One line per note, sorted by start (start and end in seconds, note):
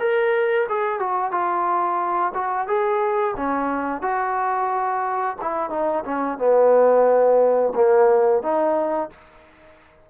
0.00 0.67 A#4
0.70 1.00 G#4
1.00 1.32 F#4
1.32 2.33 F4
2.35 2.68 F#4
2.68 3.35 G#4
3.37 4.02 C#4
4.02 5.37 F#4
5.42 5.70 E4
5.70 6.04 D#4
6.05 6.39 C#4
6.39 7.73 B3
7.76 8.43 A#3
8.43 9.10 D#4